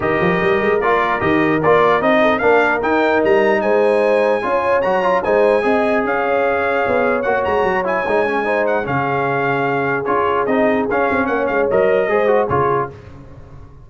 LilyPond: <<
  \new Staff \with { instrumentName = "trumpet" } { \time 4/4 \tempo 4 = 149 dis''2 d''4 dis''4 | d''4 dis''4 f''4 g''4 | ais''4 gis''2. | ais''4 gis''2 f''4~ |
f''2 fis''8 ais''4 gis''8~ | gis''4. fis''8 f''2~ | f''4 cis''4 dis''4 f''4 | fis''8 f''8 dis''2 cis''4 | }
  \new Staff \with { instrumentName = "horn" } { \time 4/4 ais'1~ | ais'4. a'8 ais'2~ | ais'4 c''2 cis''4~ | cis''4 c''4 dis''4 cis''4~ |
cis''1~ | cis''4 c''4 gis'2~ | gis'1 | cis''2 c''4 gis'4 | }
  \new Staff \with { instrumentName = "trombone" } { \time 4/4 g'2 f'4 g'4 | f'4 dis'4 d'4 dis'4~ | dis'2. f'4 | fis'8 f'8 dis'4 gis'2~ |
gis'2 fis'4. e'8 | dis'8 cis'8 dis'4 cis'2~ | cis'4 f'4 dis'4 cis'4~ | cis'4 ais'4 gis'8 fis'8 f'4 | }
  \new Staff \with { instrumentName = "tuba" } { \time 4/4 dis8 f8 g8 gis8 ais4 dis4 | ais4 c'4 ais4 dis'4 | g4 gis2 cis'4 | fis4 gis4 c'4 cis'4~ |
cis'4 b4 ais8 gis8 fis4 | gis2 cis2~ | cis4 cis'4 c'4 cis'8 c'8 | ais8 gis8 fis4 gis4 cis4 | }
>>